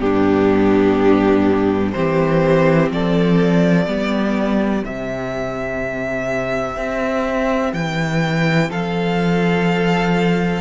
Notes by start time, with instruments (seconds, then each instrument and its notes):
0.00 cello G2, viola B3, violin D4 G4
1.92 cello E3, viola C4, violin G4 C5
2.91 cello F3, violin A4 D5
3.87 cello G3, viola B3, violin G4
4.84 cello C3, viola C4, violin E5
6.77 cello C4
7.74 cello E3, violin G5
8.70 cello F3, violin A4 F5